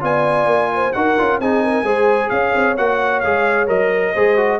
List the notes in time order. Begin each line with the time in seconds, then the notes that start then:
0.00 B3 F4 D5 G#5
0.46 A#3
0.74 C5
0.93 D#4 F#4 A#4 F#5
1.18 C#4 F4
1.39 C4 D#4 G#4 G#5
1.63 A#4
1.83 G#3 G#4 C5
2.29 C#4 C#5 F5
2.55 C4
2.77 A#3 F#4 F#5
3.20 G#3 G#4 F5
3.67 F#3 A#4 D#5
4.13 G#3 G#4 C5
4.37 F#4